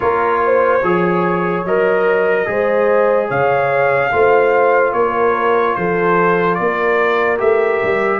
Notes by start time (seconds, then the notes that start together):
0.00 A#3 F4 A#4 C#5
0.45 C5
0.83 F3 G#4 C#5
1.64 F#3 A#4 D#5
2.46 G#3 G#4 C5
3.27 C#3 C#5 F5
4.11 A3 F4 C5
4.92 A#3 A#4 C#5
5.75 F3 A4 C5
6.54 A#3 A#4 D5
7.38 A3 G4 E5
7.83 G3